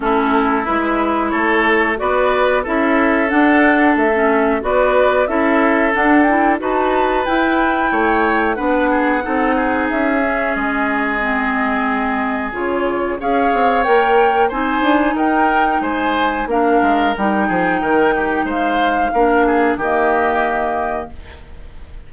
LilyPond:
<<
  \new Staff \with { instrumentName = "flute" } { \time 4/4 \tempo 4 = 91 a'4 b'4 cis''4 d''4 | e''4 fis''4 e''4 d''4 | e''4 fis''8 g''8 a''4 g''4~ | g''4 fis''2 e''4 |
dis''2. cis''4 | f''4 g''4 gis''4 g''4 | gis''4 f''4 g''2 | f''2 dis''2 | }
  \new Staff \with { instrumentName = "oboe" } { \time 4/4 e'2 a'4 b'4 | a'2. b'4 | a'2 b'2 | cis''4 b'8 gis'8 a'8 gis'4.~ |
gis'1 | cis''2 c''4 ais'4 | c''4 ais'4. gis'8 ais'8 g'8 | c''4 ais'8 gis'8 g'2 | }
  \new Staff \with { instrumentName = "clarinet" } { \time 4/4 cis'4 e'2 fis'4 | e'4 d'4~ d'16 cis'8. fis'4 | e'4 d'8 e'8 fis'4 e'4~ | e'4 d'4 dis'4. cis'8~ |
cis'4 c'2 f'4 | gis'4 ais'4 dis'2~ | dis'4 d'4 dis'2~ | dis'4 d'4 ais2 | }
  \new Staff \with { instrumentName = "bassoon" } { \time 4/4 a4 gis4 a4 b4 | cis'4 d'4 a4 b4 | cis'4 d'4 dis'4 e'4 | a4 b4 c'4 cis'4 |
gis2. cis4 | cis'8 c'8 ais4 c'8 d'8 dis'4 | gis4 ais8 gis8 g8 f8 dis4 | gis4 ais4 dis2 | }
>>